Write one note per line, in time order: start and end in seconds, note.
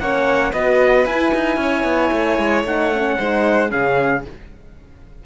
0.00 0.53 A#3
0.00 0.54 C#4
0.00 0.52 C#5
0.00 0.53 F#5
0.52 1.06 B3
0.52 1.08 F#4
0.52 1.59 B4
0.52 1.05 D#5
1.05 1.33 E4
1.05 2.67 E4
1.05 2.65 G#5
1.35 1.57 D#4
1.57 1.84 C#4
1.57 3.18 C#5
1.84 2.11 B3
2.12 2.39 A3
2.39 2.64 G#3
2.64 3.17 A3
2.64 2.93 D#4
2.64 3.72 F#5
2.94 3.19 C#4
3.18 3.73 G#3
3.18 3.69 D#4
3.18 3.71 C5
3.69 4.26 C#3
3.69 4.22 C#4
3.69 4.24 G#4
3.69 4.25 F5